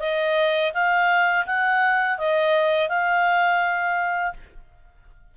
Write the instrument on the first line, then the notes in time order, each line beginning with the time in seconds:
clarinet
0.00 D#5
0.74 F5
1.46 F#5
2.18 D#5
2.89 F5